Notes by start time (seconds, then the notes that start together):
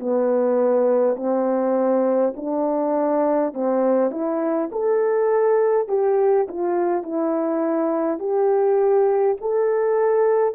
0.00 B3
1.17 C4
2.36 D4
3.54 C4
4.11 E4
4.72 A4
5.88 G4
6.48 F4
7.03 E4
8.19 G4
9.41 A4